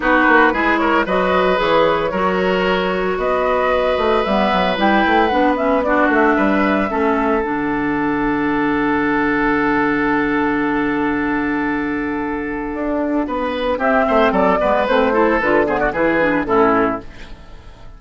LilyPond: <<
  \new Staff \with { instrumentName = "flute" } { \time 4/4 \tempo 4 = 113 b'4. cis''8 dis''4 cis''4~ | cis''2 dis''2 | e''4 g''4 fis''8 e''8 d''8 e''8~ | e''2 fis''2~ |
fis''1~ | fis''1~ | fis''2 e''4 d''4 | c''4 b'8 c''16 d''16 b'4 a'4 | }
  \new Staff \with { instrumentName = "oboe" } { \time 4/4 fis'4 gis'8 ais'8 b'2 | ais'2 b'2~ | b'2. fis'4 | b'4 a'2.~ |
a'1~ | a'1~ | a'4 b'4 g'8 c''8 a'8 b'8~ | b'8 a'4 gis'16 fis'16 gis'4 e'4 | }
  \new Staff \with { instrumentName = "clarinet" } { \time 4/4 dis'4 e'4 fis'4 gis'4 | fis'1 | b4 e'4 d'8 cis'8 d'4~ | d'4 cis'4 d'2~ |
d'1~ | d'1~ | d'2 c'4. b8 | c'8 e'8 f'8 b8 e'8 d'8 cis'4 | }
  \new Staff \with { instrumentName = "bassoon" } { \time 4/4 b8 ais8 gis4 fis4 e4 | fis2 b4. a8 | g8 fis8 g8 a8 b4. a8 | g4 a4 d2~ |
d1~ | d1 | d'4 b4 c'8 a8 fis8 gis8 | a4 d4 e4 a,4 | }
>>